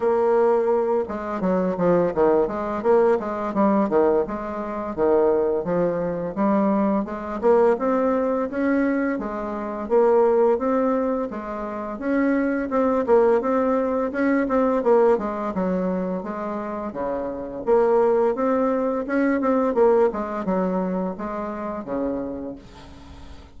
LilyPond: \new Staff \with { instrumentName = "bassoon" } { \time 4/4 \tempo 4 = 85 ais4. gis8 fis8 f8 dis8 gis8 | ais8 gis8 g8 dis8 gis4 dis4 | f4 g4 gis8 ais8 c'4 | cis'4 gis4 ais4 c'4 |
gis4 cis'4 c'8 ais8 c'4 | cis'8 c'8 ais8 gis8 fis4 gis4 | cis4 ais4 c'4 cis'8 c'8 | ais8 gis8 fis4 gis4 cis4 | }